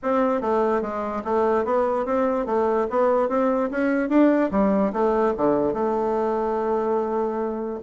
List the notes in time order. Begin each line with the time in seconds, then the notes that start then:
0.02 C4
0.41 A3
0.81 G#3
1.24 A3
1.64 B3
2.05 C4
2.46 A3
2.90 B3
3.29 C4
3.70 C#4
4.09 D4
4.51 G3
4.92 A3
5.37 D3
5.73 A3